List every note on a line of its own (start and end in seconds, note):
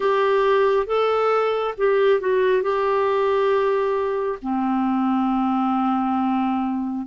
0.00 0.86 G4
0.86 1.74 A4
1.77 2.20 G4
2.20 2.62 F#4
2.62 4.38 G4
4.42 7.06 C4